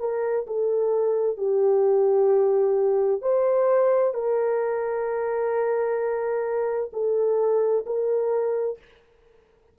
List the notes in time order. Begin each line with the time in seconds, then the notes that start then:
0.00 A#4
0.47 A4
1.38 G4
3.22 C5
4.14 A#4
6.93 A4
7.86 A#4